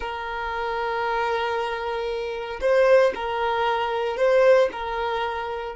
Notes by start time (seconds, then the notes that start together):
0.00 A#4
2.60 C5
3.14 A#4
4.16 C5
4.72 A#4